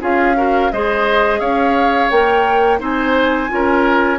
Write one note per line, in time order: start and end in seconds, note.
0.00 0.71 C#4
0.00 0.35 F4
0.00 0.36 G#4
0.00 0.72 F5
0.36 0.71 F#4
0.36 0.72 A#4
0.72 1.40 G#3
0.72 2.10 G#4
0.72 1.40 C5
0.72 1.40 D#5
1.40 2.10 C#4
1.40 2.79 C#5
1.40 2.10 F5
2.10 2.80 A#3
2.10 2.78 A#4
2.10 2.80 G5
2.78 3.50 C4
2.78 3.48 D#4
2.78 3.50 C5
2.78 4.19 G#5
3.48 4.19 C#4
3.48 4.18 F4
3.48 4.19 A#4